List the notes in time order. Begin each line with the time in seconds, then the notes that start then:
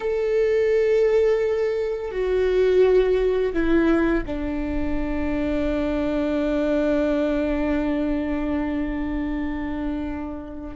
0.00 A4
2.11 F#4
3.53 E4
4.25 D4